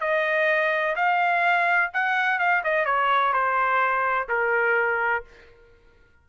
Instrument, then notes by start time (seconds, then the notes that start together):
trumpet
0.00 D#5
0.96 F5
1.93 F#5
2.39 F5
2.64 D#5
2.85 C#5
3.33 C5
4.29 A#4